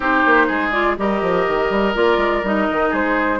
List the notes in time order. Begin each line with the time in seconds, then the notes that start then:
0.00 C4 D#4 G4 C5
0.25 A#3
0.47 G#3 G#4
0.71 F4 D5
0.97 G3 G4 A#4 D#5
1.21 F3
1.47 D#3
1.69 G3
1.93 A#3 F4 D5
2.17 G#3
2.43 G3 D#4 D#5
2.71 D#3
2.90 G#3 G#4 C5